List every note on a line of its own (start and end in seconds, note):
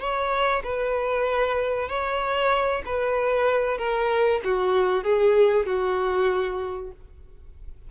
0.00 0.62 C#5
0.64 1.89 B4
1.89 2.82 C#5
2.86 3.78 B4
3.78 4.41 A#4
4.44 5.03 F#4
5.03 5.66 G#4
5.66 6.91 F#4